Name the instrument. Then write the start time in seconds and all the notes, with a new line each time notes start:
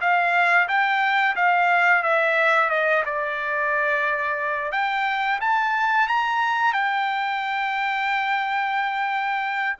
trumpet
0.00 F5
0.68 G5
1.35 F5
2.03 E5
2.69 D#5
3.05 D5
4.71 G5
5.40 A5
6.07 A#5
6.73 G5